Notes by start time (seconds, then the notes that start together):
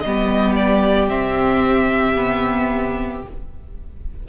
0.00 G3 B3 D#5
0.07 G4
0.55 D5
1.08 C3 C4 E5
2.15 B3